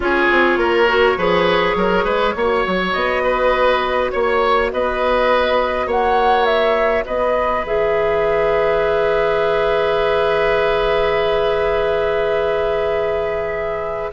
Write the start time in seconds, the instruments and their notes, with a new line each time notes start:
0.00 bassoon C#4, clarinet F4, oboe G#4, flute C#5
0.31 bassoon C4
0.56 bassoon A#3, oboe A#4
0.88 clarinet F#4
1.17 bassoon F3, clarinet G#4, oboe B4
1.75 bassoon F#3, oboe A#4
2.04 bassoon G#3, oboe B4
2.34 bassoon A#3, clarinet F#4, oboe C#5
2.67 bassoon F#3
2.92 bassoon B3, flute D#5
3.23 oboe B4
4.11 bassoon A#3, flute C#5, oboe C#5
4.72 bassoon B3, oboe B4, flute D#5
5.86 bassoon A#3, oboe C#5, flute F#5
6.45 flute E5
7.05 bassoon B3, oboe B4, flute D#5
7.63 bassoon E3, clarinet G#4, flute E5